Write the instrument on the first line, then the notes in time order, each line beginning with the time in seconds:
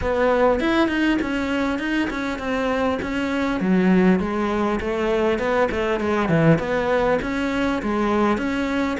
cello
0.01 B3
0.60 E4
0.88 D#4
1.21 C#4
1.78 D#4
2.10 C#4
2.38 C4
3.02 C#4
3.60 F#3
4.19 G#3
4.80 A3
5.38 B3
5.71 A3
5.99 G#3
6.28 E3
6.58 B3
7.22 C#4
7.82 G#3
8.37 C#4